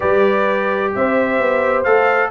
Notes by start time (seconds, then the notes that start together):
0.00 G3 G4 B4 D5
0.95 C4 C5 E5
1.39 B3
1.83 A3 A4 F5